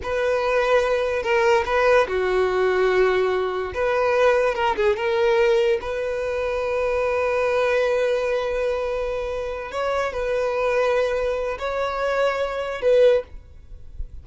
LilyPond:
\new Staff \with { instrumentName = "violin" } { \time 4/4 \tempo 4 = 145 b'2. ais'4 | b'4 fis'2.~ | fis'4 b'2 ais'8 gis'8 | ais'2 b'2~ |
b'1~ | b'2.~ b'8 cis''8~ | cis''8 b'2.~ b'8 | cis''2. b'4 | }